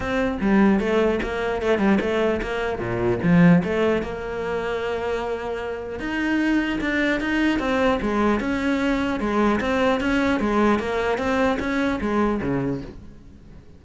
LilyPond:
\new Staff \with { instrumentName = "cello" } { \time 4/4 \tempo 4 = 150 c'4 g4 a4 ais4 | a8 g8 a4 ais4 ais,4 | f4 a4 ais2~ | ais2. dis'4~ |
dis'4 d'4 dis'4 c'4 | gis4 cis'2 gis4 | c'4 cis'4 gis4 ais4 | c'4 cis'4 gis4 cis4 | }